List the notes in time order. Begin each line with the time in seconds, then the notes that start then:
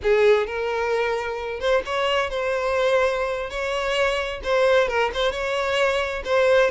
0.02 G#4
0.47 A#4
1.60 C5
1.85 C#5
2.30 C5
3.50 C#5
4.43 C5
4.88 A#4
5.14 C5
5.31 C#5
6.24 C5